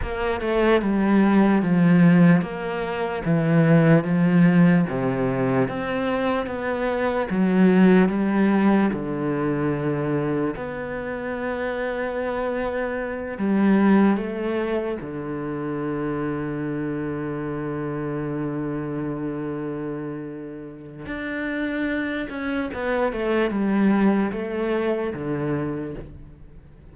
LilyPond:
\new Staff \with { instrumentName = "cello" } { \time 4/4 \tempo 4 = 74 ais8 a8 g4 f4 ais4 | e4 f4 c4 c'4 | b4 fis4 g4 d4~ | d4 b2.~ |
b8 g4 a4 d4.~ | d1~ | d2 d'4. cis'8 | b8 a8 g4 a4 d4 | }